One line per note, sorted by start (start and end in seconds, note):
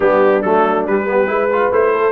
0.00 0.43 G3
0.00 0.41 B3
0.00 1.06 D4
0.00 0.41 G4
0.41 0.86 F#3
0.41 0.88 A3
0.41 0.84 A4
0.86 1.28 G3
0.86 1.05 G3
0.86 1.72 B4
1.05 1.27 B3
1.05 1.30 G4
1.27 1.71 G#3
1.27 1.48 E4
1.27 1.93 B4
1.52 1.72 F4
1.71 2.12 A3
1.71 2.12 E4
1.71 2.12 C5
1.93 2.12 A4